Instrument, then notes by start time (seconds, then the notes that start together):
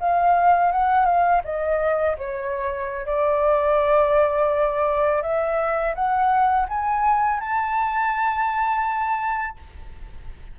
flute
0.00 F5
0.72 F#5
1.05 F5
1.44 D#5
2.18 C#5
3.06 D5
5.22 E5
5.95 F#5
6.69 G#5
7.40 A5